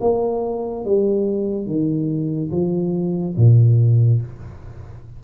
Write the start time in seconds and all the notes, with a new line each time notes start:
0.00 A#3
0.85 G3
1.66 D#3
2.51 F3
3.36 A#2